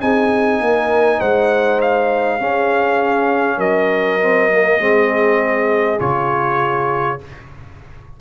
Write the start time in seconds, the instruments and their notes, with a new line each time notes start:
0.00 tuba C4, trombone D#4, horn G#4, trumpet G#5
0.60 tuba A#3, horn A#4
1.19 tuba G#3, horn C5, trumpet F#5
1.81 trumpet F5
2.40 trombone C#4, tuba C#4, horn G#4
3.57 tuba F#3, horn A#4, trumpet D#5
4.20 trombone C4
4.50 trombone A#3
4.79 tuba G#3, trombone C4, horn G#4
5.99 tuba C#3, trombone F4, trumpet C#5